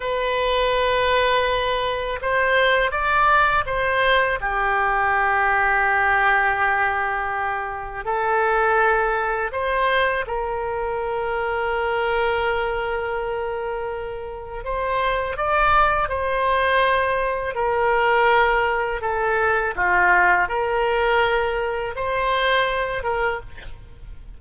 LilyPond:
\new Staff \with { instrumentName = "oboe" } { \time 4/4 \tempo 4 = 82 b'2. c''4 | d''4 c''4 g'2~ | g'2. a'4~ | a'4 c''4 ais'2~ |
ais'1 | c''4 d''4 c''2 | ais'2 a'4 f'4 | ais'2 c''4. ais'8 | }